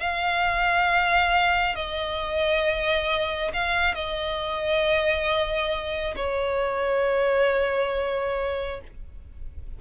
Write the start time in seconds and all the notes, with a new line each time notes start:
0.00 F5
1.75 D#5
3.54 F5
3.95 D#5
6.16 C#5